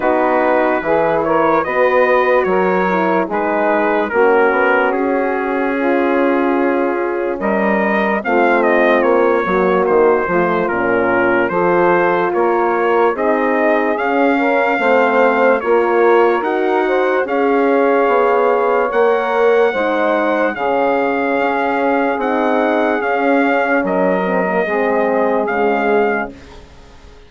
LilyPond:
<<
  \new Staff \with { instrumentName = "trumpet" } { \time 4/4 \tempo 4 = 73 b'4. cis''8 dis''4 cis''4 | b'4 ais'4 gis'2~ | gis'4 dis''4 f''8 dis''8 cis''4 | c''4 ais'4 c''4 cis''4 |
dis''4 f''2 cis''4 | fis''4 f''2 fis''4~ | fis''4 f''2 fis''4 | f''4 dis''2 f''4 | }
  \new Staff \with { instrumentName = "saxophone" } { \time 4/4 fis'4 gis'8 ais'8 b'4 ais'4 | gis'4 fis'2 f'4~ | f'4 ais'4 f'4. fis'8~ | fis'8 f'4. a'4 ais'4 |
gis'4. ais'8 c''4 ais'4~ | ais'8 c''8 cis''2. | c''4 gis'2.~ | gis'4 ais'4 gis'2 | }
  \new Staff \with { instrumentName = "horn" } { \time 4/4 dis'4 e'4 fis'4. e'8 | dis'4 cis'2.~ | cis'2 c'4. ais8~ | ais8 a8 cis'4 f'2 |
dis'4 cis'4 c'4 f'4 | fis'4 gis'2 ais'4 | dis'4 cis'2 dis'4 | cis'4. c'16 ais16 c'4 gis4 | }
  \new Staff \with { instrumentName = "bassoon" } { \time 4/4 b4 e4 b4 fis4 | gis4 ais8 b8 cis'2~ | cis'4 g4 a4 ais8 fis8 | dis8 f8 ais,4 f4 ais4 |
c'4 cis'4 a4 ais4 | dis'4 cis'4 b4 ais4 | gis4 cis4 cis'4 c'4 | cis'4 fis4 gis4 cis4 | }
>>